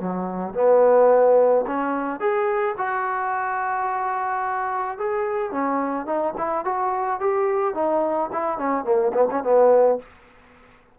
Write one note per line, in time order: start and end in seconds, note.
0.00 0.55 F#3
0.55 1.66 B3
1.67 2.20 C#4
2.20 2.76 G#4
2.78 4.98 F#4
4.98 5.52 G#4
5.52 6.06 C#4
6.06 6.34 D#4
6.38 6.65 E4
6.65 7.20 F#4
7.20 7.75 G4
7.75 8.30 D#4
8.33 8.58 E4
8.58 8.85 C#4
8.85 9.12 A#3
9.14 9.28 B3
9.31 9.44 C#4
9.44 9.99 B3